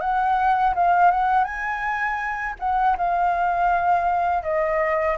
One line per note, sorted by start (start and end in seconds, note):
0.00 0.74 F#5
0.75 1.10 F5
1.10 1.44 F#5
1.44 2.55 G#5
2.59 2.96 F#5
2.97 4.43 F5
4.43 5.17 D#5